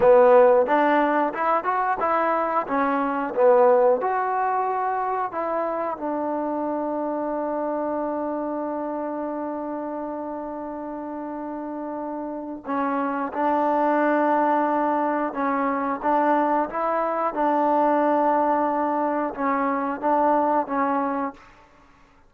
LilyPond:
\new Staff \with { instrumentName = "trombone" } { \time 4/4 \tempo 4 = 90 b4 d'4 e'8 fis'8 e'4 | cis'4 b4 fis'2 | e'4 d'2.~ | d'1~ |
d'2. cis'4 | d'2. cis'4 | d'4 e'4 d'2~ | d'4 cis'4 d'4 cis'4 | }